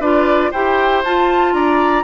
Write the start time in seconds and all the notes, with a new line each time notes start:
0.00 D4 F4 B4 D5
0.51 E4 G4 C5 G5
1.04 F4 A5
1.53 D4 D5 A#5